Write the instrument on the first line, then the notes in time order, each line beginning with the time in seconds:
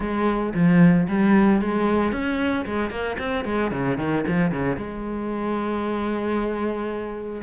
cello
0.00 G#3
0.54 F3
1.08 G3
1.61 G#3
2.12 C#4
2.65 G#3
2.90 A#3
3.18 C4
3.45 G#3
3.71 C#3
3.97 D#3
4.27 F3
4.51 C#3
4.76 G#3